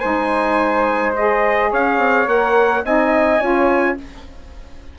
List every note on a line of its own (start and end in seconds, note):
0.00 1.73 G#3
0.00 1.14 D#4
0.00 1.70 C5
0.00 1.13 G#5
1.16 2.26 G#4
1.16 1.72 D#5
1.71 1.98 C#4
1.71 2.84 C#5
1.71 2.28 F5
1.98 2.27 C4
2.26 2.84 A#3
2.26 2.83 A#4
2.26 2.85 F#5
2.84 3.41 C4
2.84 3.41 D#4
2.84 3.40 D#5
2.84 3.99 G#5
3.40 3.98 C#4
3.40 3.97 F4
3.40 3.97 C#5